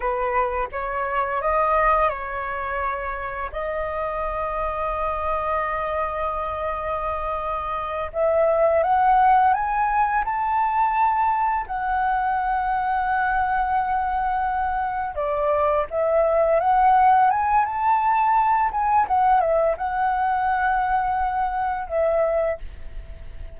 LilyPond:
\new Staff \with { instrumentName = "flute" } { \time 4/4 \tempo 4 = 85 b'4 cis''4 dis''4 cis''4~ | cis''4 dis''2.~ | dis''2.~ dis''8 e''8~ | e''8 fis''4 gis''4 a''4.~ |
a''8 fis''2.~ fis''8~ | fis''4. d''4 e''4 fis''8~ | fis''8 gis''8 a''4. gis''8 fis''8 e''8 | fis''2. e''4 | }